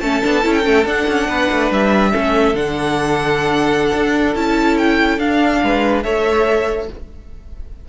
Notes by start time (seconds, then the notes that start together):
0.00 A3 C#4 A4 A5
0.22 B3 D4
0.42 C#4 E4
0.53 G5
0.63 A3 C#4
0.85 D4 F#5
1.08 C#4
1.27 B3 B4
1.51 A3
1.71 G3 E5
2.12 A3 C#4 A4
2.54 D3 D4 F#5
3.94 D4
4.35 C#4 E4 A5
4.78 G5
5.18 D4 F5
5.63 G#3 B4
6.03 A3 A4 C#5 E5